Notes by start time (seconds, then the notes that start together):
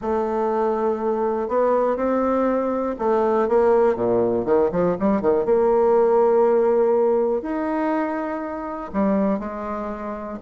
0.01 A3
1.48 B3
1.96 C4
2.98 A3
3.48 A#3
3.95 A#2
4.45 D#3
4.71 F3
4.99 G3
5.21 D#3
5.45 A#3
7.42 D#4
8.93 G3
9.39 G#3